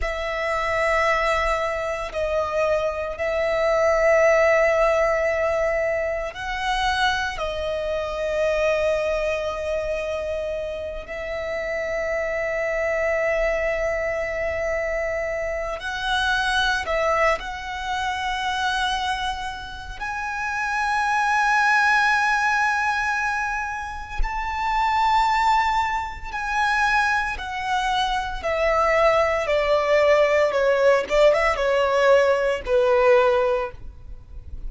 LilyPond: \new Staff \with { instrumentName = "violin" } { \time 4/4 \tempo 4 = 57 e''2 dis''4 e''4~ | e''2 fis''4 dis''4~ | dis''2~ dis''8 e''4.~ | e''2. fis''4 |
e''8 fis''2~ fis''8 gis''4~ | gis''2. a''4~ | a''4 gis''4 fis''4 e''4 | d''4 cis''8 d''16 e''16 cis''4 b'4 | }